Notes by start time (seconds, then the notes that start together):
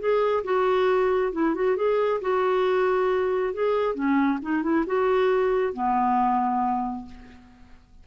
0.00 G#4
0.45 F#4
1.33 E4
1.55 F#4
1.77 G#4
2.22 F#4
3.54 G#4
3.95 C#4
4.43 D#4
4.63 E4
4.87 F#4
5.74 B3